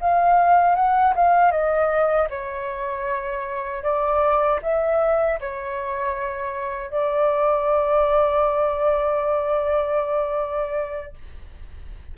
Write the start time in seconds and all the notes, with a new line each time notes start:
0.00 F5
0.76 F#5
1.15 F5
1.51 D#5
2.30 C#5
3.83 D5
4.63 E5
5.40 C#5
6.91 D5